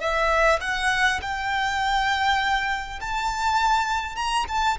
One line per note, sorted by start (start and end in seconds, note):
0.00 0.59 E5
0.60 1.20 F#5
1.22 3.00 G5
3.00 4.16 A5
4.16 4.45 A#5
4.48 4.77 A5